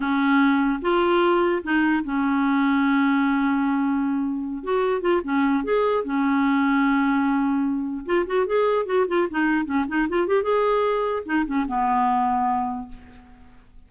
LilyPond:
\new Staff \with { instrumentName = "clarinet" } { \time 4/4 \tempo 4 = 149 cis'2 f'2 | dis'4 cis'2.~ | cis'2.~ cis'8 fis'8~ | fis'8 f'8 cis'4 gis'4 cis'4~ |
cis'1 | f'8 fis'8 gis'4 fis'8 f'8 dis'4 | cis'8 dis'8 f'8 g'8 gis'2 | dis'8 cis'8 b2. | }